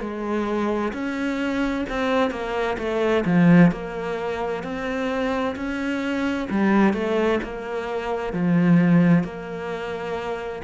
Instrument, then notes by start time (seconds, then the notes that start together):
cello
0.00 G#3
0.93 C#4
1.89 C4
2.30 A#3
2.78 A3
3.25 F3
3.71 A#3
4.63 C4
5.56 C#4
6.50 G3
6.93 A3
7.43 A#3
8.33 F3
9.23 A#3